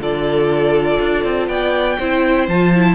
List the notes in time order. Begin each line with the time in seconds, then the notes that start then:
0.00 D3 F4 A4 D5
1.00 D4
1.25 C4
1.48 B3 D5 G5
1.99 C4 E4 C5
2.48 F3 F4 A5
2.75 E4